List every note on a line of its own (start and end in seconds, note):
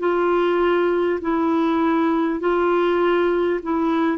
0.00 1.20 F4
1.22 2.40 E4
2.40 3.60 F4
3.63 4.18 E4